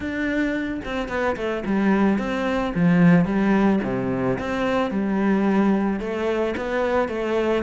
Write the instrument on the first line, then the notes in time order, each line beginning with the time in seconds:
cello
0.00 D4
0.85 C4
1.08 B3
1.36 A3
1.65 G3
2.18 C4
2.74 F3
3.25 G3
3.83 C3
4.38 C4
4.91 G3
6.00 A3
6.56 B3
7.08 A3